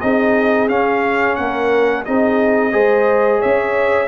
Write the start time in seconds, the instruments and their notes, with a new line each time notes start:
0.00 tuba C4, trombone D#4, horn G#4, trumpet D#5
0.68 trombone C#4, tuba C#4, trumpet F5
1.36 tuba A#3, horn A#4, trumpet F#5
2.05 tuba C4, trombone D#4, horn G#4, trumpet D#5
2.72 tuba G#3, trombone G#4, horn C5
3.39 tuba C#4, horn C#5, trumpet E5